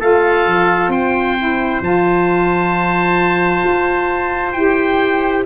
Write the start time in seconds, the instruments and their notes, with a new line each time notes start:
0.00 tuba A3, saxophone F4, trumpet A4, oboe F5
0.46 tuba F3
0.88 tuba C4, trumpet C5, oboe G5
1.38 saxophone E4
1.81 tuba F3, saxophone F4, oboe A5
3.64 tuba F4
4.52 tuba E4, saxophone G4, oboe G5